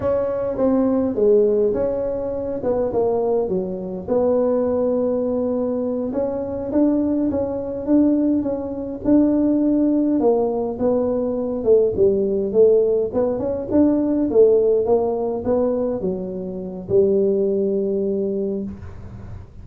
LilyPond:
\new Staff \with { instrumentName = "tuba" } { \time 4/4 \tempo 4 = 103 cis'4 c'4 gis4 cis'4~ | cis'8 b8 ais4 fis4 b4~ | b2~ b8 cis'4 d'8~ | d'8 cis'4 d'4 cis'4 d'8~ |
d'4. ais4 b4. | a8 g4 a4 b8 cis'8 d'8~ | d'8 a4 ais4 b4 fis8~ | fis4 g2. | }